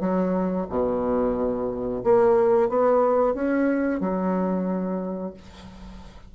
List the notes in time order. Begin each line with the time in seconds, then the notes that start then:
0.00 F#3
0.70 B2
2.04 A#3
2.69 B3
3.34 C#4
4.00 F#3